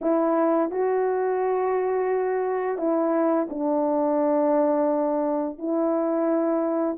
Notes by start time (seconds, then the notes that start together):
0.01 E4
0.70 F#4
2.77 E4
3.49 D4
5.58 E4